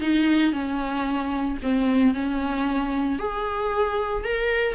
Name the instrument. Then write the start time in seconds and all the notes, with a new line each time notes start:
viola
0.00 D#4
0.52 C#4
1.62 C4
2.14 C#4
3.19 G#4
4.24 A#4